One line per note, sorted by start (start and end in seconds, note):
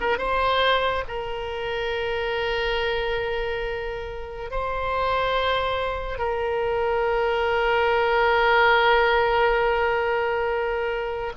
0.00 0.18 A#4
0.18 1.04 C5
1.08 4.50 A#4
4.50 6.18 C5
6.18 11.32 A#4